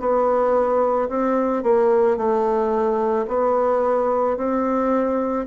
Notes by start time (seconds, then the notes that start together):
0.00 B3
1.09 C4
1.63 A#3
2.17 A3
3.28 B3
4.37 C4